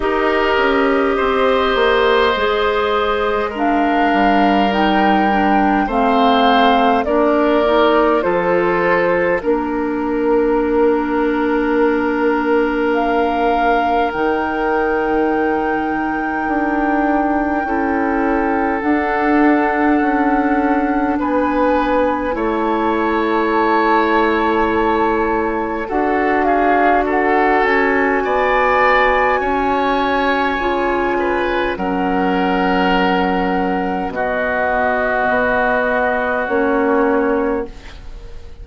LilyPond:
<<
  \new Staff \with { instrumentName = "flute" } { \time 4/4 \tempo 4 = 51 dis''2. f''4 | g''4 f''4 d''4 c''4 | ais'2. f''4 | g''1 |
fis''2 gis''4 a''4~ | a''2 fis''8 f''8 fis''8 gis''8~ | gis''2. fis''4~ | fis''4 dis''2 cis''4 | }
  \new Staff \with { instrumentName = "oboe" } { \time 4/4 ais'4 c''2 ais'4~ | ais'4 c''4 ais'4 a'4 | ais'1~ | ais'2. a'4~ |
a'2 b'4 cis''4~ | cis''2 a'8 gis'8 a'4 | d''4 cis''4. b'8 ais'4~ | ais'4 fis'2. | }
  \new Staff \with { instrumentName = "clarinet" } { \time 4/4 g'2 gis'4 d'4 | dis'8 d'8 c'4 d'8 dis'8 f'4 | d'1 | dis'2. e'4 |
d'2. e'4~ | e'2 fis'2~ | fis'2 f'4 cis'4~ | cis'4 b2 cis'4 | }
  \new Staff \with { instrumentName = "bassoon" } { \time 4/4 dis'8 cis'8 c'8 ais8 gis4. g8~ | g4 a4 ais4 f4 | ais1 | dis2 d'4 cis'4 |
d'4 cis'4 b4 a4~ | a2 d'4. cis'8 | b4 cis'4 cis4 fis4~ | fis4 b,4 b4 ais4 | }
>>